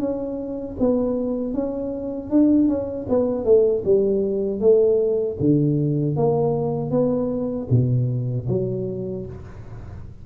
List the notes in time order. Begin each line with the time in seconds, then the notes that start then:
0.00 C#4
0.80 B3
1.54 C#4
2.31 D4
2.69 C#4
3.09 B3
3.45 A3
3.85 G3
4.60 A3
5.41 D3
6.17 A#3
6.91 B3
7.71 B2
8.49 F#3